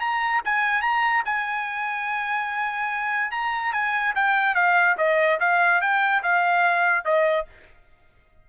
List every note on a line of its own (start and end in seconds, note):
0.00 0.41 A#5
0.45 0.82 G#5
0.82 1.23 A#5
1.25 3.31 G#5
3.31 3.73 A#5
3.73 4.14 G#5
4.15 4.55 G5
4.55 4.96 F5
4.98 5.39 D#5
5.40 5.81 F5
5.81 6.22 G5
6.23 7.05 F5
7.05 7.46 D#5